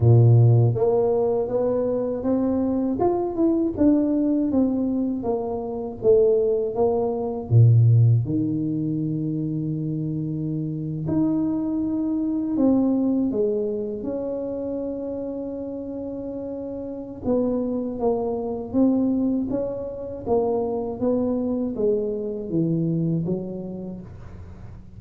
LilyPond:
\new Staff \with { instrumentName = "tuba" } { \time 4/4 \tempo 4 = 80 ais,4 ais4 b4 c'4 | f'8 e'8 d'4 c'4 ais4 | a4 ais4 ais,4 dis4~ | dis2~ dis8. dis'4~ dis'16~ |
dis'8. c'4 gis4 cis'4~ cis'16~ | cis'2. b4 | ais4 c'4 cis'4 ais4 | b4 gis4 e4 fis4 | }